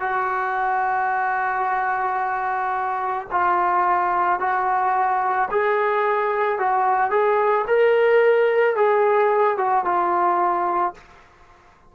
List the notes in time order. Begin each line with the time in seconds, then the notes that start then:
0.00 F#4
3.31 F4
4.40 F#4
5.51 G#4
6.59 F#4
7.11 G#4
7.68 A#4
8.76 G#4
9.58 F#4
9.85 F4